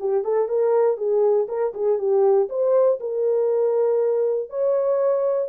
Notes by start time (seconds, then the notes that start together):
0.00 G4
0.24 A4
0.49 A#4
0.97 G#4
1.48 A#4
1.74 G#4
1.99 G4
2.49 C5
3.00 A#4
4.50 C#5